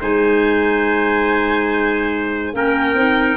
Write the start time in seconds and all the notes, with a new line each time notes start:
0.00 G#3 D#4 C5 G#5
2.53 A#3 C#4 A#4 G5
2.94 C4 D#4